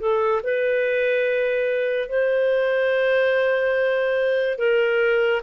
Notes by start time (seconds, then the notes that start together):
0.00 A4
0.44 B4
2.09 C5
4.59 A#4